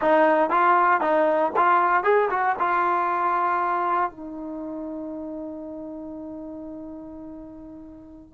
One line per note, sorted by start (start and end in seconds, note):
0.01 0.50 D#4
0.50 1.00 F4
1.00 1.52 D#4
1.56 2.03 F4
2.03 2.29 G#4
2.30 2.55 F#4
2.59 4.10 F4
4.10 8.34 D#4